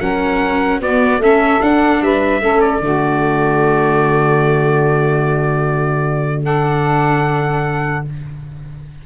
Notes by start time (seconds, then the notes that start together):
0.00 F#3 C#4 A#4 F#5
0.80 B3 F#4 D5
1.19 A3 C#4 A4 E5
1.61 D4 F#5
2.02 G3 B4 E5
2.41 A3 C#4 A4
2.61 D5
2.80 D3 A3 F#4
6.44 D4 A4 F#5